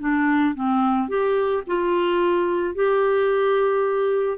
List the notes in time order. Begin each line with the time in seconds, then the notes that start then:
0.00 D4
0.55 C4
1.09 G4
1.67 F4
2.75 G4